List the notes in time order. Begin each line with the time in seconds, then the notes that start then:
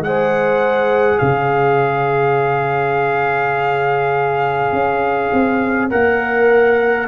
0.00 G#3 G#4 F#5
0.07 C5
1.18 C#3 C#5 F5
4.72 C#4
5.33 C4
5.90 A#3 A#4 F#5